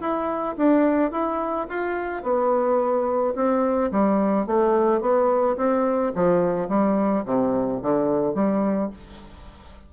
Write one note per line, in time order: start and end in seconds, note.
0.00 0.56 E4
0.57 1.12 D4
1.12 1.67 E4
1.69 2.23 F4
2.23 3.34 B3
3.36 3.91 C4
3.91 4.47 G3
4.47 5.01 A3
5.01 5.57 B3
5.57 6.12 C4
6.15 6.68 F3
6.68 7.24 G3
7.25 7.81 C3
7.82 8.34 D3
8.34 8.90 G3